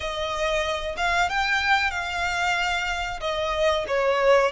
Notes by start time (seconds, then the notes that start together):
0.00 D#5
0.96 F5
1.29 G5
1.90 F5
3.20 D#5
3.87 C#5